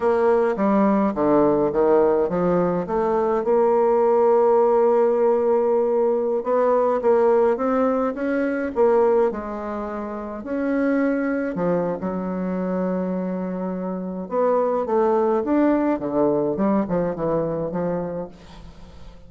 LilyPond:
\new Staff \with { instrumentName = "bassoon" } { \time 4/4 \tempo 4 = 105 ais4 g4 d4 dis4 | f4 a4 ais2~ | ais2.~ ais16 b8.~ | b16 ais4 c'4 cis'4 ais8.~ |
ais16 gis2 cis'4.~ cis'16~ | cis'16 f8. fis2.~ | fis4 b4 a4 d'4 | d4 g8 f8 e4 f4 | }